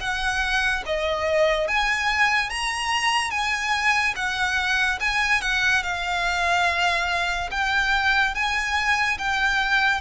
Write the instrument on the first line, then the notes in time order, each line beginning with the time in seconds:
violin
0.00 F#5
0.86 D#5
1.68 G#5
2.50 A#5
3.31 G#5
4.16 F#5
5.00 G#5
5.41 F#5
5.83 F5
7.51 G5
8.34 G#5
9.18 G5